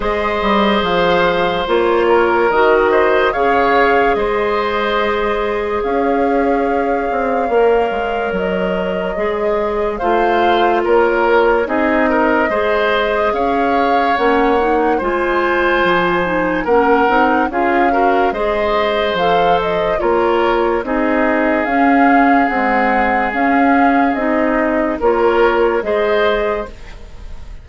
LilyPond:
<<
  \new Staff \with { instrumentName = "flute" } { \time 4/4 \tempo 4 = 72 dis''4 f''4 cis''4 dis''4 | f''4 dis''2 f''4~ | f''2 dis''2 | f''4 cis''4 dis''2 |
f''4 fis''4 gis''2 | fis''4 f''4 dis''4 f''8 dis''8 | cis''4 dis''4 f''4 fis''4 | f''4 dis''4 cis''4 dis''4 | }
  \new Staff \with { instrumentName = "oboe" } { \time 4/4 c''2~ c''8 ais'4 c''8 | cis''4 c''2 cis''4~ | cis''1 | c''4 ais'4 gis'8 ais'8 c''4 |
cis''2 c''2 | ais'4 gis'8 ais'8 c''2 | ais'4 gis'2.~ | gis'2 ais'4 c''4 | }
  \new Staff \with { instrumentName = "clarinet" } { \time 4/4 gis'2 f'4 fis'4 | gis'1~ | gis'4 ais'2 gis'4 | f'2 dis'4 gis'4~ |
gis'4 cis'8 dis'8 f'4. dis'8 | cis'8 dis'8 f'8 fis'8 gis'4 a'4 | f'4 dis'4 cis'4 gis4 | cis'4 dis'4 f'4 gis'4 | }
  \new Staff \with { instrumentName = "bassoon" } { \time 4/4 gis8 g8 f4 ais4 dis4 | cis4 gis2 cis'4~ | cis'8 c'8 ais8 gis8 fis4 gis4 | a4 ais4 c'4 gis4 |
cis'4 ais4 gis4 f4 | ais8 c'8 cis'4 gis4 f4 | ais4 c'4 cis'4 c'4 | cis'4 c'4 ais4 gis4 | }
>>